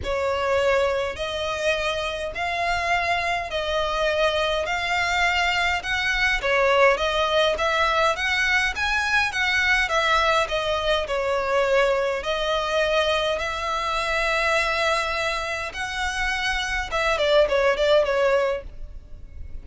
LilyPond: \new Staff \with { instrumentName = "violin" } { \time 4/4 \tempo 4 = 103 cis''2 dis''2 | f''2 dis''2 | f''2 fis''4 cis''4 | dis''4 e''4 fis''4 gis''4 |
fis''4 e''4 dis''4 cis''4~ | cis''4 dis''2 e''4~ | e''2. fis''4~ | fis''4 e''8 d''8 cis''8 d''8 cis''4 | }